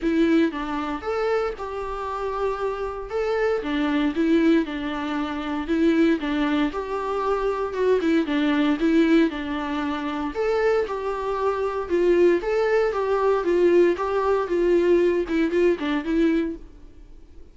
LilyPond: \new Staff \with { instrumentName = "viola" } { \time 4/4 \tempo 4 = 116 e'4 d'4 a'4 g'4~ | g'2 a'4 d'4 | e'4 d'2 e'4 | d'4 g'2 fis'8 e'8 |
d'4 e'4 d'2 | a'4 g'2 f'4 | a'4 g'4 f'4 g'4 | f'4. e'8 f'8 d'8 e'4 | }